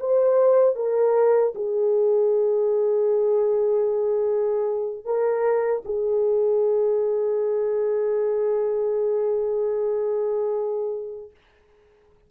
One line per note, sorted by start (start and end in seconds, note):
0.00 0.76 C5
0.76 1.54 A#4
1.55 5.05 G#4
5.05 5.83 A#4
5.85 11.31 G#4